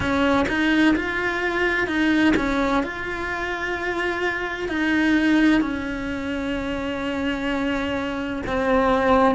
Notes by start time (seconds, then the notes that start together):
0.00 C#4
0.48 D#4
0.96 F4
1.87 D#4
2.36 C#4
2.83 F4
4.68 D#4
5.61 C#4
8.46 C4